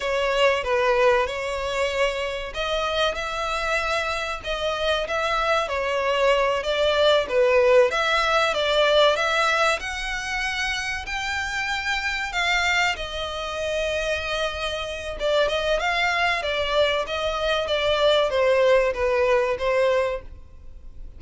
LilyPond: \new Staff \with { instrumentName = "violin" } { \time 4/4 \tempo 4 = 95 cis''4 b'4 cis''2 | dis''4 e''2 dis''4 | e''4 cis''4. d''4 b'8~ | b'8 e''4 d''4 e''4 fis''8~ |
fis''4. g''2 f''8~ | f''8 dis''2.~ dis''8 | d''8 dis''8 f''4 d''4 dis''4 | d''4 c''4 b'4 c''4 | }